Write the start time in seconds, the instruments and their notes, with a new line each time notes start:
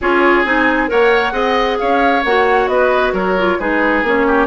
0.01 bassoon C#4, clarinet F4, oboe G#4, flute C#5
0.43 bassoon C4, clarinet D#4, flute G#5
0.88 bassoon A#3, clarinet A#4, oboe C#5, flute F#5
1.32 bassoon C4, clarinet G#4, oboe D#5
1.78 bassoon C#4, oboe C#5, flute F5
2.24 bassoon A#3, clarinet F#4, flute F#5
2.67 bassoon B3, oboe B4, flute D#5
3.12 bassoon F#3, oboe A#4, flute C#5
3.38 clarinet F4
3.59 bassoon G#3, clarinet D#4, oboe G#4, flute B4
4.02 bassoon A#3, clarinet C#4, flute C#5
4.26 oboe G4